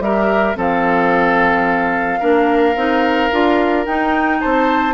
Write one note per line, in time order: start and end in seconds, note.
0.00 0.55 G3
0.00 0.56 G4
0.00 0.58 A#4
0.00 0.57 E5
0.56 2.21 F3
0.56 2.20 C4
0.56 2.20 A4
0.56 3.86 F5
2.20 2.76 A#3
2.20 2.76 D4
2.20 4.38 A#4
2.76 3.31 C4
2.76 3.31 D#4
3.31 3.87 D4
3.31 3.86 F4
3.86 4.41 D#4
3.86 4.95 D#4
3.86 4.40 G5
4.40 4.95 C4
4.40 4.95 C5
4.40 4.95 A5